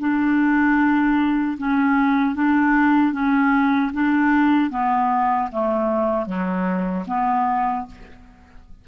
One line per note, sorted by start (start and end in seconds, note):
0.00 1.58 D4
1.58 2.35 C#4
2.35 3.13 D4
3.13 3.92 C#4
3.93 4.70 D4
4.70 5.49 B3
5.52 6.26 A3
6.26 7.05 F#3
7.07 7.86 B3